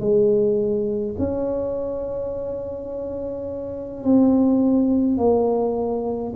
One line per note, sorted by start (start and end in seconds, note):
0.00 1.15 G#3
1.19 4.04 C#4
4.04 5.18 C4
5.18 6.33 A#3